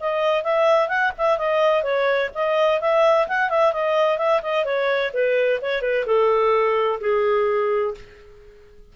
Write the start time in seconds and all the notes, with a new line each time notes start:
0.00 D#5
0.44 E5
0.89 F#5
1.18 E5
1.38 D#5
1.83 C#5
2.34 D#5
2.81 E5
3.28 F#5
3.50 E5
3.73 D#5
4.18 E5
4.43 D#5
4.65 C#5
5.13 B4
5.62 C#5
5.81 B4
6.06 A4
7.01 G#4